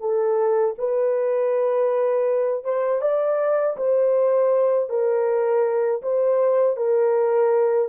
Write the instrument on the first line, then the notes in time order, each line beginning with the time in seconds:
horn
0.00 A4
0.78 B4
2.64 C5
3.01 D5
3.77 C5
4.89 A#4
6.02 C5
6.76 A#4